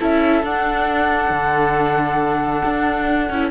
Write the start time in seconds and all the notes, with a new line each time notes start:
0.00 C#4 E4 A4 E5
0.43 D4 F#5
1.30 D3
2.65 D4
3.30 C#4 E4